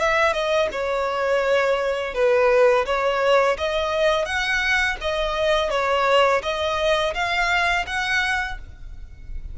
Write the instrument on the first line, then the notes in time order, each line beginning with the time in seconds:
violin
0.00 E5
0.33 D#5
0.72 C#5
2.15 B4
2.86 C#5
3.58 D#5
4.26 F#5
5.02 D#5
5.70 C#5
6.43 D#5
7.15 F5
7.87 F#5